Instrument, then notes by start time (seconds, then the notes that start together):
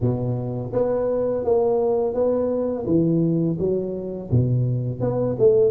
tuba
0.01 B2
0.72 B3
1.44 A#3
2.14 B3
2.86 E3
3.58 F#3
4.30 B2
5.00 B3
5.38 A3